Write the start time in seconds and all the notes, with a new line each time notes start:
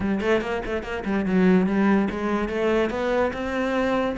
0.00 G3
0.20 A3
0.41 A#3
0.65 A3
0.83 A#3
1.05 G3
1.25 F#3
1.66 G3
2.10 G#3
2.48 A3
2.90 B3
3.33 C4